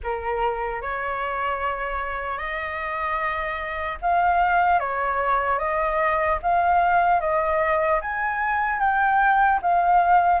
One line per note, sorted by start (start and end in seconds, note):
0.03 0.81 A#4
0.81 2.38 C#5
2.38 3.98 D#5
4.01 4.79 F5
4.79 5.59 C#5
5.59 6.39 D#5
6.42 7.20 F5
7.20 8.00 D#5
8.01 8.79 G#5
8.79 9.59 G5
9.61 10.40 F5